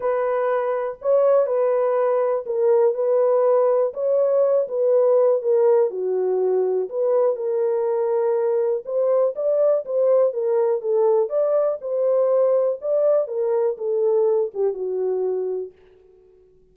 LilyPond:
\new Staff \with { instrumentName = "horn" } { \time 4/4 \tempo 4 = 122 b'2 cis''4 b'4~ | b'4 ais'4 b'2 | cis''4. b'4. ais'4 | fis'2 b'4 ais'4~ |
ais'2 c''4 d''4 | c''4 ais'4 a'4 d''4 | c''2 d''4 ais'4 | a'4. g'8 fis'2 | }